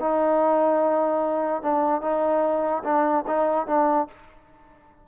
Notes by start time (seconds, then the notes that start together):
0.00 D#4
1.63 D4
2.02 D#4
2.84 D4
3.27 D#4
3.67 D4